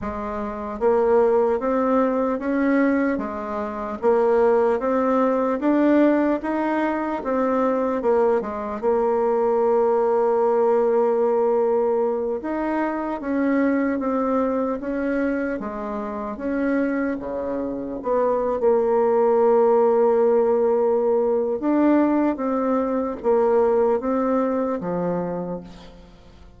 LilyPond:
\new Staff \with { instrumentName = "bassoon" } { \time 4/4 \tempo 4 = 75 gis4 ais4 c'4 cis'4 | gis4 ais4 c'4 d'4 | dis'4 c'4 ais8 gis8 ais4~ | ais2.~ ais8 dis'8~ |
dis'8 cis'4 c'4 cis'4 gis8~ | gis8 cis'4 cis4 b8. ais8.~ | ais2. d'4 | c'4 ais4 c'4 f4 | }